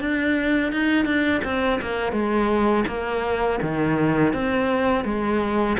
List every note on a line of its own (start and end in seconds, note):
0.00 0.72 D4
0.72 1.05 D#4
1.05 1.41 D4
1.44 1.80 C4
1.81 2.12 A#3
2.12 2.85 G#3
2.87 3.59 A#3
3.62 4.33 D#3
4.33 5.05 C4
5.05 5.77 G#3